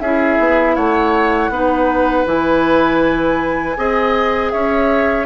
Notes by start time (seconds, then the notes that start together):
0.00 C#4 E4 G#4 E5
0.39 B3
0.75 A3 C#5 F#5
1.49 B3 D#4 B4
2.25 E3 E4 G#5
3.76 C4 G#4 D#5
4.50 C#4 C#5 E5